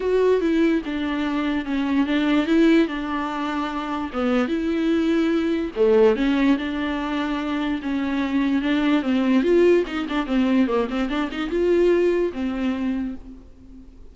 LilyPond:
\new Staff \with { instrumentName = "viola" } { \time 4/4 \tempo 4 = 146 fis'4 e'4 d'2 | cis'4 d'4 e'4 d'4~ | d'2 b4 e'4~ | e'2 a4 cis'4 |
d'2. cis'4~ | cis'4 d'4 c'4 f'4 | dis'8 d'8 c'4 ais8 c'8 d'8 dis'8 | f'2 c'2 | }